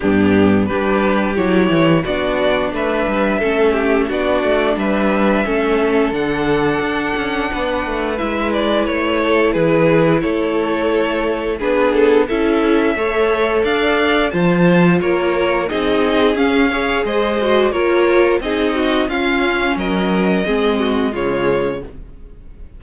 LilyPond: <<
  \new Staff \with { instrumentName = "violin" } { \time 4/4 \tempo 4 = 88 g'4 b'4 cis''4 d''4 | e''2 d''4 e''4~ | e''4 fis''2. | e''8 d''8 cis''4 b'4 cis''4~ |
cis''4 b'8 a'8 e''2 | f''4 a''4 cis''4 dis''4 | f''4 dis''4 cis''4 dis''4 | f''4 dis''2 cis''4 | }
  \new Staff \with { instrumentName = "violin" } { \time 4/4 d'4 g'2 fis'4 | b'4 a'8 g'8 fis'4 b'4 | a'2. b'4~ | b'4. a'8 gis'4 a'4~ |
a'4 gis'4 a'4 cis''4 | d''4 c''4 ais'4 gis'4~ | gis'8 cis''8 c''4 ais'4 gis'8 fis'8 | f'4 ais'4 gis'8 fis'8 f'4 | }
  \new Staff \with { instrumentName = "viola" } { \time 4/4 b4 d'4 e'4 d'4~ | d'4 cis'4 d'2 | cis'4 d'2. | e'1~ |
e'4 d'4 e'4 a'4~ | a'4 f'2 dis'4 | cis'8 gis'4 fis'8 f'4 dis'4 | cis'2 c'4 gis4 | }
  \new Staff \with { instrumentName = "cello" } { \time 4/4 g,4 g4 fis8 e8 b4 | a8 g8 a4 b8 a8 g4 | a4 d4 d'8 cis'8 b8 a8 | gis4 a4 e4 a4~ |
a4 b4 cis'4 a4 | d'4 f4 ais4 c'4 | cis'4 gis4 ais4 c'4 | cis'4 fis4 gis4 cis4 | }
>>